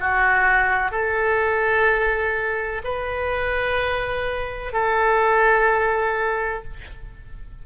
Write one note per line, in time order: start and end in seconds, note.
0.00 0.91 F#4
0.91 2.82 A4
2.84 4.73 B4
4.73 6.64 A4